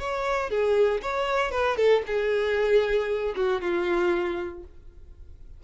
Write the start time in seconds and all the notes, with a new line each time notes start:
0.00 C#5
0.50 G#4
1.02 C#5
1.51 B4
1.77 A4
2.07 G#4
3.36 F#4
3.61 F4